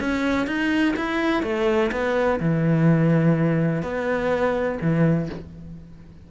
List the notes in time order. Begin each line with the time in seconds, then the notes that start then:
0.00 C#4
0.47 D#4
0.96 E4
1.43 A3
1.92 B3
2.40 E3
3.82 B3
4.81 E3